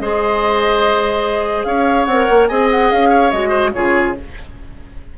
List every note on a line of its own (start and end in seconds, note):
0.00 1.65 G#3
0.00 2.08 G#4
0.00 1.67 C5
0.00 1.64 D#5
1.64 2.06 C#4
1.64 2.48 C#5
1.64 2.05 F5
2.05 2.27 C4
2.05 2.50 A#4
2.05 2.47 F#5
2.30 2.50 A#3
2.47 2.91 C4
2.47 3.32 G#4
2.47 3.09 D#5
2.47 2.68 G#5
2.71 2.91 F#5
2.91 3.33 C#4
2.91 3.31 F5
3.09 3.49 C#5
3.31 3.74 G#3
3.31 3.73 F#4
3.31 3.72 D#5
3.49 3.70 C5
3.73 4.18 C#3
3.73 4.15 F4
3.73 4.17 G#4
3.73 4.14 C#5